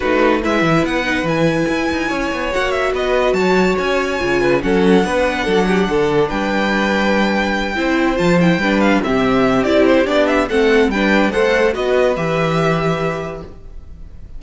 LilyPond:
<<
  \new Staff \with { instrumentName = "violin" } { \time 4/4 \tempo 4 = 143 b'4 e''4 fis''4 gis''4~ | gis''2 fis''8 e''8 dis''4 | a''4 gis''2 fis''4~ | fis''2. g''4~ |
g''2.~ g''8 a''8 | g''4 f''8 e''4. d''8 c''8 | d''8 e''8 fis''4 g''4 fis''4 | dis''4 e''2. | }
  \new Staff \with { instrumentName = "violin" } { \time 4/4 fis'4 b'2.~ | b'4 cis''2 b'4 | cis''2~ cis''8 b'8 a'4 | b'4 a'8 g'8 a'4 b'4~ |
b'2~ b'8 c''4.~ | c''8 b'4 g'2~ g'8~ | g'4 a'4 b'4 c''4 | b'1 | }
  \new Staff \with { instrumentName = "viola" } { \time 4/4 dis'4 e'4. dis'8 e'4~ | e'2 fis'2~ | fis'2 f'4 cis'4 | d'1~ |
d'2~ d'8 e'4 f'8 | e'8 d'4 c'4. e'4 | d'4 c'4 d'4 a'4 | fis'4 g'2. | }
  \new Staff \with { instrumentName = "cello" } { \time 4/4 a4 gis8 e8 b4 e4 | e'8 dis'8 cis'8 b8 ais4 b4 | fis4 cis'4 cis4 fis4 | b4 fis4 d4 g4~ |
g2~ g8 c'4 f8~ | f8 g4 c4. c'4 | b4 a4 g4 a4 | b4 e2. | }
>>